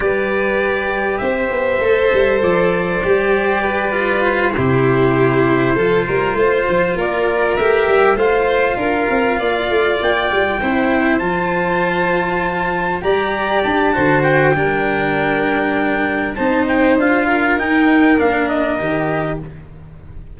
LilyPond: <<
  \new Staff \with { instrumentName = "trumpet" } { \time 4/4 \tempo 4 = 99 d''2 e''2 | d''2. c''4~ | c''2.~ c''8 d''8~ | d''8 e''4 f''2~ f''8~ |
f''8 g''2 a''4.~ | a''4. ais''4 a''4 g''8~ | g''2. a''8 g''8 | f''4 g''4 f''8 dis''4. | }
  \new Staff \with { instrumentName = "violin" } { \time 4/4 b'2 c''2~ | c''2 b'4. g'8~ | g'4. a'8 ais'8 c''4 ais'8~ | ais'4. c''4 ais'4 d''8~ |
d''4. c''2~ c''8~ | c''4. d''4. c''4 | ais'2. c''4~ | c''8 ais'2.~ ais'8 | }
  \new Staff \with { instrumentName = "cello" } { \time 4/4 g'2. a'4~ | a'4 g'4. f'4 e'8~ | e'4. f'2~ f'8~ | f'8 g'4 f'2~ f'8~ |
f'4. e'4 f'4.~ | f'4. g'4. fis'4 | d'2. dis'4 | f'4 dis'4 d'4 g'4 | }
  \new Staff \with { instrumentName = "tuba" } { \time 4/4 g2 c'8 b8 a8 g8 | f4 g2~ g8 c8~ | c4. f8 g8 a8 f8 ais8~ | ais8 a8 g8 a4 d'8 c'8 ais8 |
a8 ais8 g8 c'4 f4.~ | f4. g4 d'8 d4 | g2. c'4 | d'4 dis'4 ais4 dis4 | }
>>